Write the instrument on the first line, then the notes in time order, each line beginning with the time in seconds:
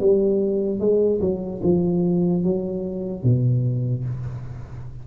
tuba
0.00 G3
0.80 G#3
1.21 F#3
1.63 F3
2.44 F#3
3.23 B2